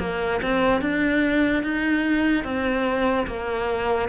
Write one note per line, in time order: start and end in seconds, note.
0.00 0.41 A#3
0.43 0.81 C4
0.81 1.64 D4
1.64 2.44 D#4
2.44 3.27 C4
3.27 4.09 A#3